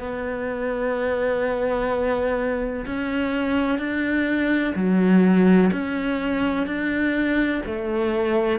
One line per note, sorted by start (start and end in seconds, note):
0.00 2.86 B3
2.86 3.78 C#4
3.78 4.74 D4
4.75 5.71 F#3
5.72 6.67 C#4
6.67 7.62 D4
7.66 8.59 A3